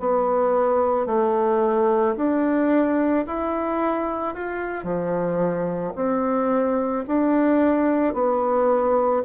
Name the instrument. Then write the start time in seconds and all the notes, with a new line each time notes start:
bassoon
0.00 B3
1.07 A3
2.17 D4
3.27 E4
4.34 F4
4.84 F3
5.96 C4
7.08 D4
8.14 B3